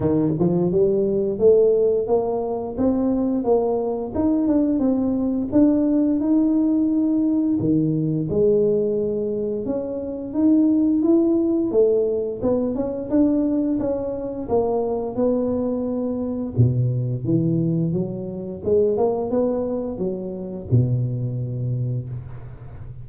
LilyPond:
\new Staff \with { instrumentName = "tuba" } { \time 4/4 \tempo 4 = 87 dis8 f8 g4 a4 ais4 | c'4 ais4 dis'8 d'8 c'4 | d'4 dis'2 dis4 | gis2 cis'4 dis'4 |
e'4 a4 b8 cis'8 d'4 | cis'4 ais4 b2 | b,4 e4 fis4 gis8 ais8 | b4 fis4 b,2 | }